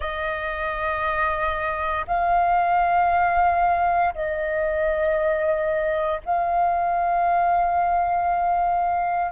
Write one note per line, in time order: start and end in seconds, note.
0.00 2.05 D#5
2.07 4.14 F5
4.14 6.21 D#5
6.25 9.32 F5